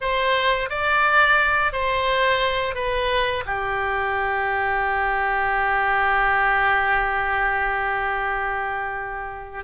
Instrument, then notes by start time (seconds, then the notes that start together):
oboe
0.01 C5
0.69 D5
1.72 C5
2.75 B4
3.45 G4